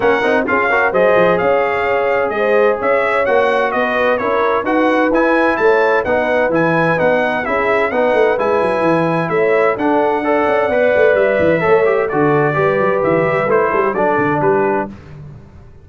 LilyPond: <<
  \new Staff \with { instrumentName = "trumpet" } { \time 4/4 \tempo 4 = 129 fis''4 f''4 dis''4 f''4~ | f''4 dis''4 e''4 fis''4 | dis''4 cis''4 fis''4 gis''4 | a''4 fis''4 gis''4 fis''4 |
e''4 fis''4 gis''2 | e''4 fis''2. | e''2 d''2 | e''4 c''4 d''4 b'4 | }
  \new Staff \with { instrumentName = "horn" } { \time 4/4 ais'4 gis'8 ais'8 c''4 cis''4~ | cis''4 c''4 cis''2 | b'4 ais'4 b'2 | cis''4 b'2. |
gis'4 b'2. | cis''4 a'4 d''2~ | d''4 cis''4 a'4 b'4~ | b'4. a'16 g'16 a'4 g'4 | }
  \new Staff \with { instrumentName = "trombone" } { \time 4/4 cis'8 dis'8 f'8 fis'8 gis'2~ | gis'2. fis'4~ | fis'4 e'4 fis'4 e'4~ | e'4 dis'4 e'4 dis'4 |
e'4 dis'4 e'2~ | e'4 d'4 a'4 b'4~ | b'4 a'8 g'8 fis'4 g'4~ | g'4 e'4 d'2 | }
  \new Staff \with { instrumentName = "tuba" } { \time 4/4 ais8 c'8 cis'4 fis8 f8 cis'4~ | cis'4 gis4 cis'4 ais4 | b4 cis'4 dis'4 e'4 | a4 b4 e4 b4 |
cis'4 b8 a8 gis8 fis8 e4 | a4 d'4. cis'8 b8 a8 | g8 e8 a4 d4 g8 fis8 | e8 g8 a8 g8 fis8 d8 g4 | }
>>